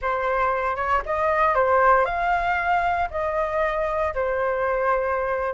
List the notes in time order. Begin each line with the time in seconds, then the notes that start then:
0.01 C5
0.75 C#5
1.05 D#5
1.54 C5
2.05 F5
3.10 D#5
4.14 C5